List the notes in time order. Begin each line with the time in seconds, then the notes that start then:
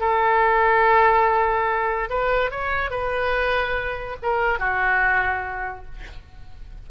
0.00 A4
2.10 B4
2.51 C#5
2.91 B4
4.23 A#4
4.59 F#4